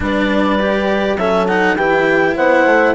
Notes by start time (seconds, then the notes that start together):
0.00 G3 D4 B4 D5
0.59 G4
1.17 F#3 C#4 A4 E5
1.47 D#4 F#5
1.75 E3 E4 G4 G5
2.35 B3 C5 F#5
2.65 A3